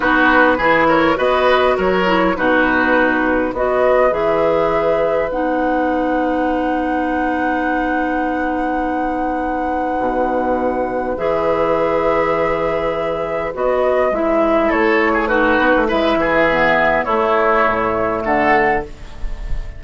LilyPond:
<<
  \new Staff \with { instrumentName = "flute" } { \time 4/4 \tempo 4 = 102 b'4. cis''8 dis''4 cis''4 | b'2 dis''4 e''4~ | e''4 fis''2.~ | fis''1~ |
fis''2. e''4~ | e''2. dis''4 | e''4 cis''4 b'4 e''4~ | e''4 cis''2 fis''4 | }
  \new Staff \with { instrumentName = "oboe" } { \time 4/4 fis'4 gis'8 ais'8 b'4 ais'4 | fis'2 b'2~ | b'1~ | b'1~ |
b'1~ | b'1~ | b'4 a'8. gis'16 fis'4 b'8 gis'8~ | gis'4 e'2 a'4 | }
  \new Staff \with { instrumentName = "clarinet" } { \time 4/4 dis'4 e'4 fis'4. e'8 | dis'2 fis'4 gis'4~ | gis'4 dis'2.~ | dis'1~ |
dis'2. gis'4~ | gis'2. fis'4 | e'2 dis'4 e'4 | b4 a2. | }
  \new Staff \with { instrumentName = "bassoon" } { \time 4/4 b4 e4 b4 fis4 | b,2 b4 e4~ | e4 b2.~ | b1~ |
b4 b,2 e4~ | e2. b4 | gis4 a4. b16 a16 gis8 e8~ | e4 a4 a,4 d4 | }
>>